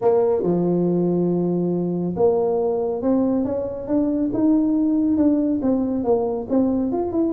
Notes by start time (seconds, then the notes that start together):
0.01 A#3
0.42 F3
2.16 A#3
3.02 C4
3.44 C#4
3.87 D4
4.33 D#4
5.17 D4
5.62 C4
6.04 A#3
6.49 C4
6.92 F4
7.11 E4